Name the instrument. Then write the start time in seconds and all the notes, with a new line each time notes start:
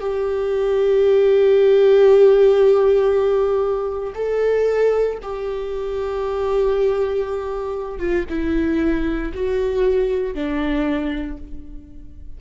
viola
0.00 G4
4.15 A4
5.22 G4
7.99 F4
8.29 E4
9.34 F#4
10.34 D4